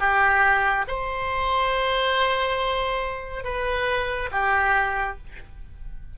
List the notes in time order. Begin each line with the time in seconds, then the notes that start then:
0.00 G4
0.88 C5
3.44 B4
4.32 G4